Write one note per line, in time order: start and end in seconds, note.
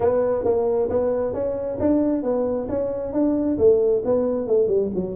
0.00 0.44 B3
0.44 0.89 A#3
0.89 1.33 B3
1.33 1.78 C#4
1.79 2.23 D4
2.23 2.67 B3
2.68 3.13 C#4
3.13 3.57 D4
3.57 4.02 A3
4.04 4.47 B3
4.47 4.67 A3
4.67 4.89 G3
4.94 5.15 F#3